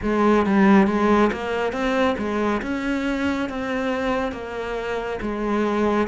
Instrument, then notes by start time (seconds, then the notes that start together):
cello
0.02 G#3
0.45 G3
0.87 G#3
1.32 A#3
1.72 C4
2.17 G#3
2.62 C#4
3.49 C4
4.32 A#3
5.21 G#3